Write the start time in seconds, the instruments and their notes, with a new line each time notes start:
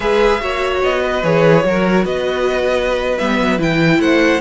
0.00 cello G#3, viola G#4, violin B4 E5
0.40 cello A#3, viola F#4, violin C#5
0.83 cello B3, violin D#5
1.01 violin B4
1.23 cello E3, viola G#4, violin C#5
1.64 cello F#3, viola F#4, violin A#4
2.04 cello B3, violin B4 D#5
3.17 cello G3, viola B3, violin E5
3.40 cello F#3
3.58 cello E3, viola E4, violin G5
3.99 cello A3, violin C5 F#5